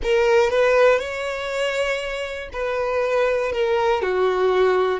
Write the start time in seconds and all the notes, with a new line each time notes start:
0.03 A#4
0.50 B4
0.99 C#5
2.53 B4
3.51 A#4
4.01 F#4